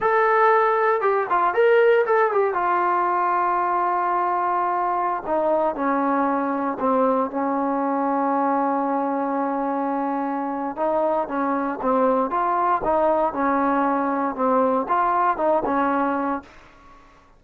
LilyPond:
\new Staff \with { instrumentName = "trombone" } { \time 4/4 \tempo 4 = 117 a'2 g'8 f'8 ais'4 | a'8 g'8 f'2.~ | f'2~ f'16 dis'4 cis'8.~ | cis'4~ cis'16 c'4 cis'4.~ cis'16~ |
cis'1~ | cis'4 dis'4 cis'4 c'4 | f'4 dis'4 cis'2 | c'4 f'4 dis'8 cis'4. | }